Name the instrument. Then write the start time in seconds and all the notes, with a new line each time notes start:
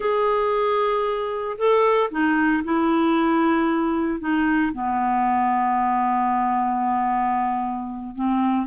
clarinet
0.00 G#4
1.58 A4
2.10 D#4
2.63 E4
4.19 D#4
4.73 B3
8.15 C4